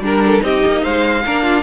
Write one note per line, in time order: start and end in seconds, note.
0.00 0.41 G3
0.00 0.41 D4
0.00 0.24 A#4
0.00 0.44 A#4
0.26 0.44 A4
0.41 0.63 C4
0.41 1.22 D#4
0.41 0.83 G4
0.41 0.84 D#5
0.66 0.86 A#3
0.83 1.26 G#3
0.83 1.23 C5
0.83 1.63 F5
1.26 1.63 A#3
1.26 1.63 D4
1.26 1.43 A#4
1.43 1.63 F4